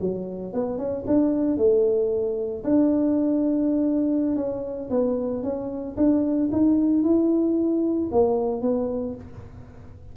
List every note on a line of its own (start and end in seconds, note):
0.00 0.53 F#3
0.53 0.78 B3
0.78 1.04 C#4
1.06 1.57 D4
1.57 2.63 A3
2.64 4.36 D4
4.36 4.89 C#4
4.90 5.43 B3
5.43 5.96 C#4
5.96 6.49 D4
6.52 7.03 D#4
7.03 8.09 E4
8.11 8.61 A#3
8.61 9.14 B3